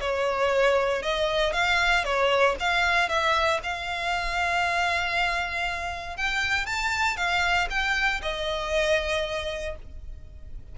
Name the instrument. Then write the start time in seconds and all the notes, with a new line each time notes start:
violin
0.00 C#5
1.02 D#5
1.53 F5
2.04 C#5
2.59 F5
3.08 E5
3.63 F5
6.16 G5
6.65 A5
7.17 F5
7.70 G5
8.21 D#5